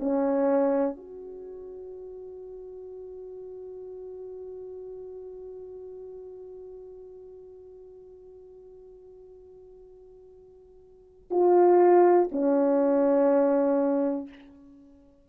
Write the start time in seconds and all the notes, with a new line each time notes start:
0.00 C#4
0.97 F#4
11.31 F4
12.32 C#4